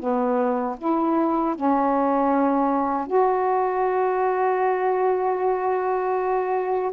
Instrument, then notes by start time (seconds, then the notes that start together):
saxophone
0.00 B3
0.79 E4
1.56 C#4
3.07 F#4